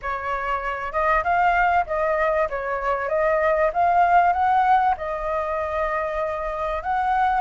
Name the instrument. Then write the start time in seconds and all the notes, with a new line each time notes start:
flute
0.02 C#5
0.92 D#5
1.23 F5
1.86 D#5
2.49 C#5
3.08 D#5
3.73 F5
4.32 F#5
4.97 D#5
6.82 F#5